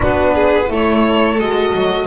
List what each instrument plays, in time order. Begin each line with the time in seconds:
0.00 double bass B3, horn D4, violin F#4 B4
0.34 violin G#4
0.67 double bass A3, horn E4, violin A4 C#5
1.39 double bass G#3, horn F#4, violin D#5
1.75 double bass F#3